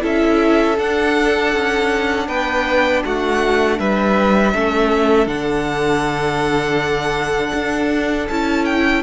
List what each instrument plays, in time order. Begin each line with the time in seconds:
0.00 cello C#4, viola E4, violin A4 E5
0.78 cello D4, viola D4, violin F#5
1.53 cello C#4
2.27 cello B3, violin B4 G5
3.05 cello A3, violin F#4 F#5
3.78 cello G3, violin B4 E5
4.54 cello A3, viola C#4, violin A4
5.26 cello D3, viola D4, violin F#5
7.53 cello D4
8.27 cello C#4, viola E4, violin A5
8.65 violin G5